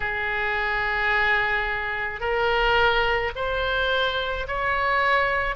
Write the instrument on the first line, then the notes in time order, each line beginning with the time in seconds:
oboe
0.00 G#4
2.20 A#4
3.35 C5
4.47 C#5